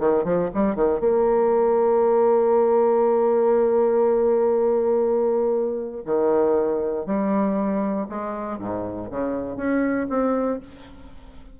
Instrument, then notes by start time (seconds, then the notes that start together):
bassoon
0.00 D#3
0.24 F3
0.54 G3
0.75 D#3
1.00 A#3
6.05 D#3
7.06 G3
8.09 G#3
8.59 G#2
9.11 C#3
9.56 C#4
10.10 C4